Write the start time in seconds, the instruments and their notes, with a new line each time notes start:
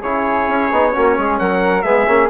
0.00 bassoon C#3, trombone E4, flute G#4, trumpet C#5
0.47 bassoon C#4
0.71 bassoon B3, trombone D#4
0.92 bassoon A#3, trombone C#4, flute F#4
1.17 bassoon G#3, flute G#4
1.38 bassoon F#3, flute A#4, trumpet F#5
1.82 bassoon G#3, trombone B3, flute G#4, trumpet E5
2.07 bassoon A#3, trombone C#4